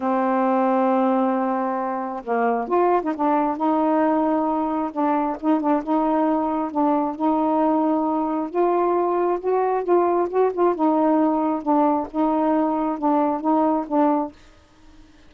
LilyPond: \new Staff \with { instrumentName = "saxophone" } { \time 4/4 \tempo 4 = 134 c'1~ | c'4 ais4 f'8. dis'16 d'4 | dis'2. d'4 | dis'8 d'8 dis'2 d'4 |
dis'2. f'4~ | f'4 fis'4 f'4 fis'8 f'8 | dis'2 d'4 dis'4~ | dis'4 d'4 dis'4 d'4 | }